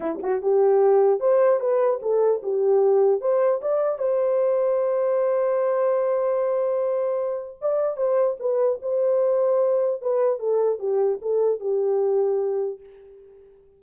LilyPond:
\new Staff \with { instrumentName = "horn" } { \time 4/4 \tempo 4 = 150 e'8 fis'8 g'2 c''4 | b'4 a'4 g'2 | c''4 d''4 c''2~ | c''1~ |
c''2. d''4 | c''4 b'4 c''2~ | c''4 b'4 a'4 g'4 | a'4 g'2. | }